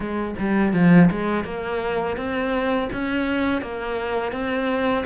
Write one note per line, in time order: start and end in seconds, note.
0.00 0.35 G#3
0.38 0.73 G3
0.73 1.09 F3
1.10 1.44 G#3
1.44 2.16 A#3
2.16 2.88 C4
2.92 3.61 C#4
3.61 4.32 A#3
4.32 5.04 C4